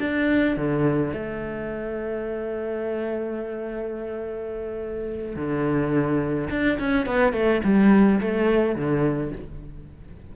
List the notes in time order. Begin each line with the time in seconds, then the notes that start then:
0.00 D4
0.56 D3
1.13 A3
5.36 D3
6.50 D4
6.79 C#4
7.06 B3
7.33 A3
7.64 G3
8.21 A3
8.76 D3